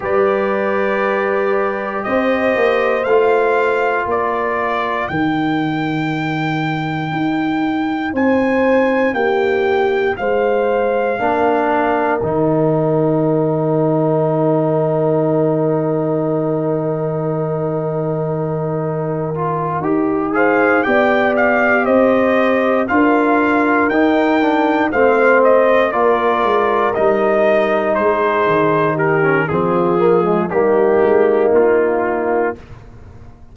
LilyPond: <<
  \new Staff \with { instrumentName = "trumpet" } { \time 4/4 \tempo 4 = 59 d''2 dis''4 f''4 | d''4 g''2. | gis''4 g''4 f''2 | g''1~ |
g''1 | f''8 g''8 f''8 dis''4 f''4 g''8~ | g''8 f''8 dis''8 d''4 dis''4 c''8~ | c''8 ais'8 gis'4 g'4 f'4 | }
  \new Staff \with { instrumentName = "horn" } { \time 4/4 b'2 c''2 | ais'1 | c''4 g'4 c''4 ais'4~ | ais'1~ |
ais'1 | c''8 d''4 c''4 ais'4.~ | ais'8 c''4 ais'2 gis'8~ | gis'8 g'8 f'4 dis'2 | }
  \new Staff \with { instrumentName = "trombone" } { \time 4/4 g'2. f'4~ | f'4 dis'2.~ | dis'2. d'4 | dis'1~ |
dis'2. f'8 g'8 | gis'8 g'2 f'4 dis'8 | d'8 c'4 f'4 dis'4.~ | dis'8. cis'16 c'8 ais16 gis16 ais2 | }
  \new Staff \with { instrumentName = "tuba" } { \time 4/4 g2 c'8 ais8 a4 | ais4 dis2 dis'4 | c'4 ais4 gis4 ais4 | dis1~ |
dis2.~ dis8 dis'8~ | dis'8 b4 c'4 d'4 dis'8~ | dis'8 a4 ais8 gis8 g4 gis8 | dis4 f4 g8 gis8 ais4 | }
>>